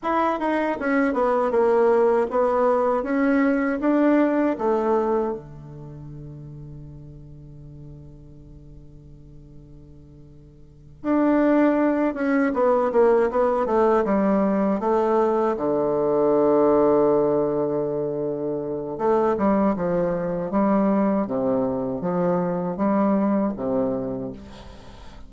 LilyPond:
\new Staff \with { instrumentName = "bassoon" } { \time 4/4 \tempo 4 = 79 e'8 dis'8 cis'8 b8 ais4 b4 | cis'4 d'4 a4 d4~ | d1~ | d2~ d8 d'4. |
cis'8 b8 ais8 b8 a8 g4 a8~ | a8 d2.~ d8~ | d4 a8 g8 f4 g4 | c4 f4 g4 c4 | }